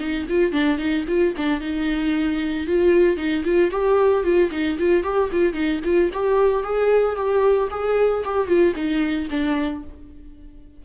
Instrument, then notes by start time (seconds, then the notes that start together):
viola
0.00 D#4
0.29 F4
0.52 D4
0.78 D#4
1.08 F4
1.37 D4
1.61 D#4
2.67 F4
3.17 D#4
3.45 F4
3.71 G4
4.24 F4
4.51 D#4
4.79 F4
5.03 G4
5.32 F4
5.54 D#4
5.84 F4
6.13 G4
6.64 G#4
7.16 G4
7.71 G#4
8.24 G4
8.47 F4
8.76 D#4
9.30 D4